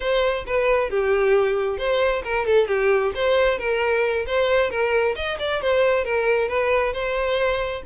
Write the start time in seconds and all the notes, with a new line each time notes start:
0.00 C5
0.46 B4
0.90 G4
1.77 C5
2.24 A#4
2.46 A4
2.67 G4
3.14 C5
3.58 A#4
4.26 C5
4.70 A#4
5.15 D#5
5.39 D5
5.61 C5
6.04 A#4
6.48 B4
6.93 C5